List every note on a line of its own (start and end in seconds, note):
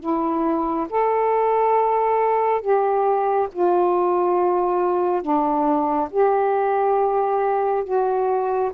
0.00 0.87 E4
0.90 2.61 A4
2.61 3.48 G4
3.52 5.22 F4
5.22 6.09 D4
6.10 7.84 G4
7.84 8.71 F#4